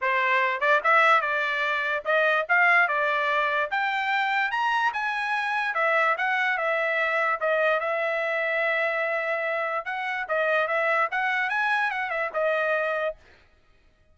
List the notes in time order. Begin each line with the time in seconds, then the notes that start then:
0.01 C5
0.60 D5
0.83 E5
1.21 D5
2.05 D#5
2.48 F5
2.87 D5
3.71 G5
4.51 A#5
4.93 G#5
5.74 E5
6.17 F#5
6.57 E5
7.40 D#5
7.80 E5
9.85 F#5
10.28 D#5
10.67 E5
11.11 F#5
11.49 G#5
11.91 F#5
12.09 E5
12.33 D#5